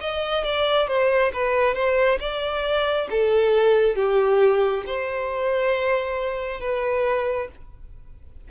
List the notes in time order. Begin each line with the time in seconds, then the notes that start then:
0.00 D#5
0.44 D5
0.87 C5
1.33 B4
1.74 C5
2.20 D5
3.10 A4
3.95 G4
4.86 C5
6.60 B4